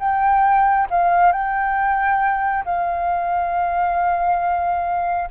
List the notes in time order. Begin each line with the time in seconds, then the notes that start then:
0.00 G5
0.91 F5
1.32 G5
2.65 F5